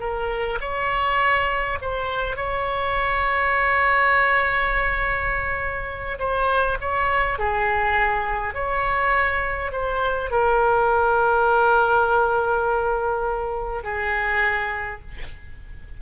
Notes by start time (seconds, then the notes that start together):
0.00 A#4
0.61 C#5
1.81 C5
2.36 C#5
6.19 C5
6.81 C#5
7.39 G#4
8.54 C#5
9.72 C5
10.30 A#4
13.83 G#4